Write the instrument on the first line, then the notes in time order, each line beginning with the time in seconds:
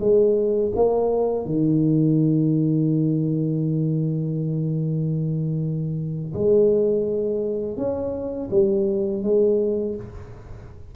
tuba
0.00 G#3
0.76 A#3
1.46 D#3
6.34 G#3
7.77 C#4
8.51 G3
9.23 G#3